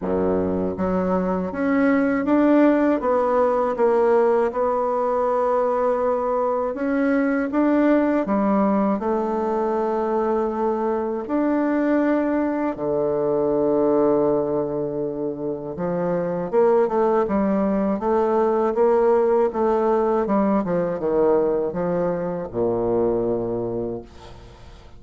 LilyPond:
\new Staff \with { instrumentName = "bassoon" } { \time 4/4 \tempo 4 = 80 fis,4 fis4 cis'4 d'4 | b4 ais4 b2~ | b4 cis'4 d'4 g4 | a2. d'4~ |
d'4 d2.~ | d4 f4 ais8 a8 g4 | a4 ais4 a4 g8 f8 | dis4 f4 ais,2 | }